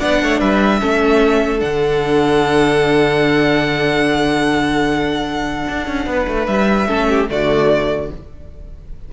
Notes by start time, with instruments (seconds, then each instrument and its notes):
0.00 cello B3, viola D4, violin D5 F#5
0.23 cello A3, violin C#5
0.40 cello G3, violin B4 E5
0.81 cello A3, viola C#4, violin A4
1.59 cello D3, viola D4, violin F#5
5.69 cello D4
5.88 cello C#4
6.07 cello B3, violin B4
6.28 cello A3
6.47 cello G3, violin E5
6.88 cello A3, viola C#4, violin A4
7.10 violin G4
7.28 cello D3, viola A3, violin F#4 D5